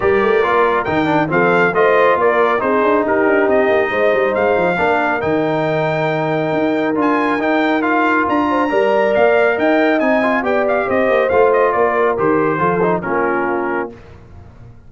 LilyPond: <<
  \new Staff \with { instrumentName = "trumpet" } { \time 4/4 \tempo 4 = 138 d''2 g''4 f''4 | dis''4 d''4 c''4 ais'4 | dis''2 f''2 | g''1 |
gis''4 g''4 f''4 ais''4~ | ais''4 f''4 g''4 gis''4 | g''8 f''8 dis''4 f''8 dis''8 d''4 | c''2 ais'2 | }
  \new Staff \with { instrumentName = "horn" } { \time 4/4 ais'2. a'4 | c''4 ais'4 gis'4 g'4~ | g'4 c''2 ais'4~ | ais'1~ |
ais'2.~ ais'8 c''8 | d''2 dis''2 | d''4 c''2 ais'4~ | ais'4 a'4 f'2 | }
  \new Staff \with { instrumentName = "trombone" } { \time 4/4 g'4 f'4 dis'8 d'8 c'4 | f'2 dis'2~ | dis'2. d'4 | dis'1 |
f'4 dis'4 f'2 | ais'2. dis'8 f'8 | g'2 f'2 | g'4 f'8 dis'8 cis'2 | }
  \new Staff \with { instrumentName = "tuba" } { \time 4/4 g8 a8 ais4 dis4 f4 | a4 ais4 c'8 d'8 dis'8 d'8 | c'8 ais8 gis8 g8 gis8 f8 ais4 | dis2. dis'4 |
d'4 dis'2 d'4 | g4 ais4 dis'4 c'4 | b4 c'8 ais8 a4 ais4 | dis4 f4 ais2 | }
>>